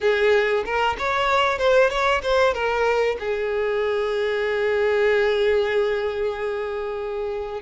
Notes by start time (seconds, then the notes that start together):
0.00 G#4
0.65 A#4
0.98 C#5
1.58 C5
1.89 C#5
2.22 C5
2.53 A#4
3.19 G#4